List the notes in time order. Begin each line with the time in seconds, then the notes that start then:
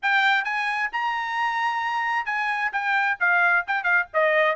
0.02 G5
0.44 G#5
0.92 A#5
2.25 G#5
2.72 G5
3.20 F5
3.67 G5
3.83 F5
4.13 D#5